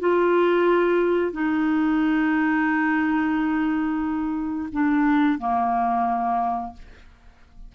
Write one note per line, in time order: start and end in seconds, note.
0.00 1.32 F4
1.32 4.69 D#4
4.73 5.39 D4
5.39 6.74 A#3